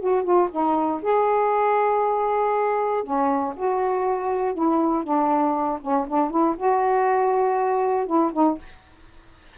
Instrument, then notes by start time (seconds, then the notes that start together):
saxophone
0.00 F#4
0.24 F4
0.52 D#4
1.02 G#4
3.04 C#4
3.57 F#4
4.54 E4
5.04 D4
5.82 C#4
6.08 D4
6.31 E4
6.58 F#4
8.07 E4
8.33 D#4